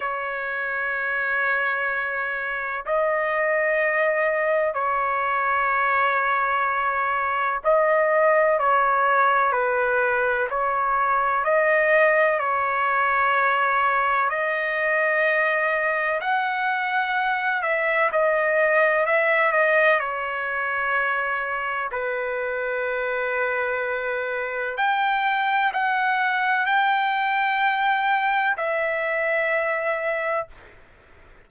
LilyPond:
\new Staff \with { instrumentName = "trumpet" } { \time 4/4 \tempo 4 = 63 cis''2. dis''4~ | dis''4 cis''2. | dis''4 cis''4 b'4 cis''4 | dis''4 cis''2 dis''4~ |
dis''4 fis''4. e''8 dis''4 | e''8 dis''8 cis''2 b'4~ | b'2 g''4 fis''4 | g''2 e''2 | }